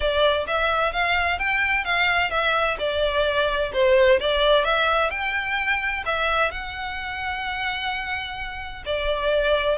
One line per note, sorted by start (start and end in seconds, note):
0.00 0.46 D5
0.47 0.93 E5
0.93 1.38 F5
1.38 1.84 G5
1.84 2.30 F5
2.30 2.77 E5
2.78 3.71 D5
3.73 4.19 C5
4.19 4.64 D5
4.64 5.10 E5
5.10 6.03 G5
6.05 6.51 E5
6.51 8.83 F#5
8.85 9.78 D5